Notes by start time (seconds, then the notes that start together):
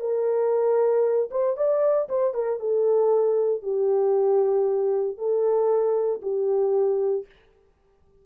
0.00 A#4
1.31 C5
1.57 D5
2.09 C5
2.34 A#4
2.60 A4
3.62 G4
5.17 A4
6.22 G4